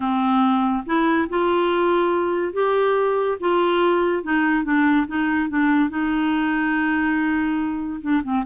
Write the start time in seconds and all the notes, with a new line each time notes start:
0.00 C4
0.86 E4
1.29 F4
2.53 G4
3.39 F4
4.23 D#4
4.64 D4
5.07 D#4
5.49 D4
5.89 D#4
8.01 D4
8.23 C4